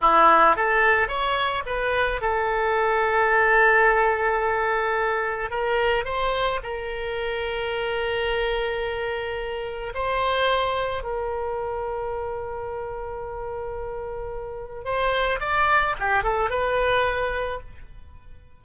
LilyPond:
\new Staff \with { instrumentName = "oboe" } { \time 4/4 \tempo 4 = 109 e'4 a'4 cis''4 b'4 | a'1~ | a'2 ais'4 c''4 | ais'1~ |
ais'2 c''2 | ais'1~ | ais'2. c''4 | d''4 g'8 a'8 b'2 | }